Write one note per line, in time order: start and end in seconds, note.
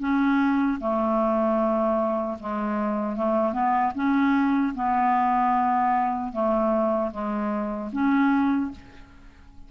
0.00 0.79 C#4
0.80 2.38 A3
2.40 3.17 G#3
3.17 3.53 A3
3.53 3.93 B3
3.95 4.74 C#4
4.75 6.33 B3
6.33 7.12 A3
7.12 7.91 G#3
7.93 8.72 C#4